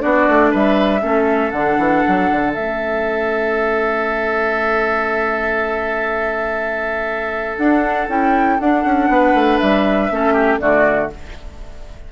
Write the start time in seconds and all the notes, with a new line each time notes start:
0.00 B3 D4 F#4 D5
0.29 A3
0.51 G3 B4 E5
1.02 A3 C#4 A4
1.51 D3 D4 F#5
1.79 E3
2.08 F#3
2.31 D3
2.55 A3 C#4 E5
7.58 D4 F#5
8.08 C#4 E4 G5
8.60 D4 F#5
8.85 C#4
9.09 B3 B4
9.35 A3
9.59 G3 E5
10.11 A3 C#4 A4
10.34 G4
10.60 D3 A3 F#4 D5